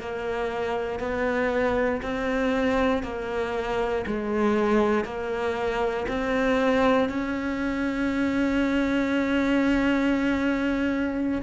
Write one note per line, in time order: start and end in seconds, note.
0.00 0.99 A#3
0.99 2.01 B3
2.02 3.03 C4
3.03 4.05 A#3
4.07 5.05 G#3
5.05 6.06 A#3
6.08 7.09 C4
7.09 11.41 C#4